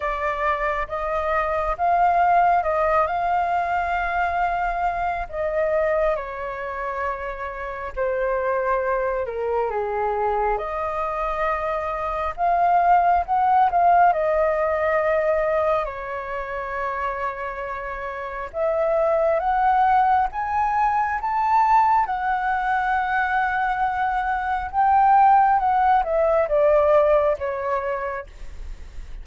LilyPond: \new Staff \with { instrumentName = "flute" } { \time 4/4 \tempo 4 = 68 d''4 dis''4 f''4 dis''8 f''8~ | f''2 dis''4 cis''4~ | cis''4 c''4. ais'8 gis'4 | dis''2 f''4 fis''8 f''8 |
dis''2 cis''2~ | cis''4 e''4 fis''4 gis''4 | a''4 fis''2. | g''4 fis''8 e''8 d''4 cis''4 | }